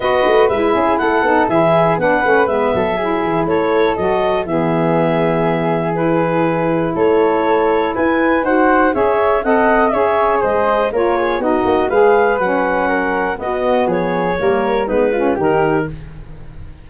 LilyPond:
<<
  \new Staff \with { instrumentName = "clarinet" } { \time 4/4 \tempo 4 = 121 dis''4 e''4 fis''4 e''4 | fis''4 e''2 cis''4 | dis''4 e''2. | b'2 cis''2 |
gis''4 fis''4 e''4 fis''4 | e''4 dis''4 cis''4 dis''4 | f''4 fis''2 dis''4 | cis''2 b'4 ais'4 | }
  \new Staff \with { instrumentName = "flute" } { \time 4/4 b'4. gis'8 a'4 gis'4 | b'4. a'8 gis'4 a'4~ | a'4 gis'2.~ | gis'2 a'2 |
b'4 c''4 cis''4 dis''4 | cis''4 c''4 ais'8 gis'8 fis'4 | b'2 ais'4 fis'4 | gis'4 ais'4 dis'8 f'8 g'4 | }
  \new Staff \with { instrumentName = "saxophone" } { \time 4/4 fis'4 e'4. dis'8 e'4 | d'8 cis'8 b4 e'2 | fis'4 b2. | e'1~ |
e'4 fis'4 gis'4 a'4 | gis'2 f'4 dis'4 | gis'4 cis'2 b4~ | b4 ais4 b8 cis'8 dis'4 | }
  \new Staff \with { instrumentName = "tuba" } { \time 4/4 b8 a8 gis8 cis'8 a8 b8 e4 | b8 a8 gis8 fis4 e8 a4 | fis4 e2.~ | e2 a2 |
e'4 dis'4 cis'4 c'4 | cis'4 gis4 ais4 b8 ais8 | gis4 fis2 b4 | f4 g4 gis4 dis4 | }
>>